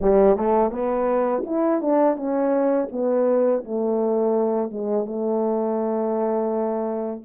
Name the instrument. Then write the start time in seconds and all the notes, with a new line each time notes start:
horn
0.00 G3
0.36 A3
0.71 B3
1.45 E4
1.81 D4
2.16 C#4
2.91 B3
3.64 A3
4.70 G#3
5.05 A3